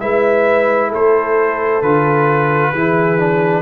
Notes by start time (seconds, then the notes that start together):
0.00 G#3 E4 B4 E5
0.89 A3 A4 C5
1.82 D3 F4 B4
2.72 E3 E4 G#4
3.18 D4